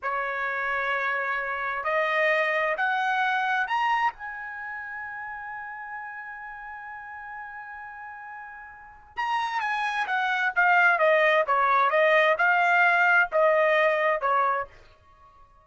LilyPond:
\new Staff \with { instrumentName = "trumpet" } { \time 4/4 \tempo 4 = 131 cis''1 | dis''2 fis''2 | ais''4 gis''2.~ | gis''1~ |
gis''1 | ais''4 gis''4 fis''4 f''4 | dis''4 cis''4 dis''4 f''4~ | f''4 dis''2 cis''4 | }